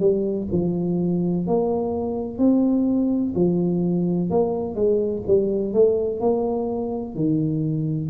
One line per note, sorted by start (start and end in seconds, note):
0.00 0.48 G3
0.52 1.47 F3
1.47 2.38 A#3
2.38 3.33 C4
3.35 4.30 F3
4.30 4.75 A#3
4.75 5.23 G#3
5.27 5.74 G3
5.74 6.20 A3
6.20 7.15 A#3
7.15 8.10 D#3